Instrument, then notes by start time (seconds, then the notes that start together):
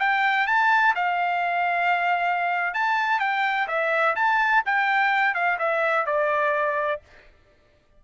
trumpet
0.00 G5
0.47 A5
0.95 F5
2.74 A5
3.20 G5
3.68 E5
4.16 A5
4.66 G5
5.34 F5
5.59 E5
6.06 D5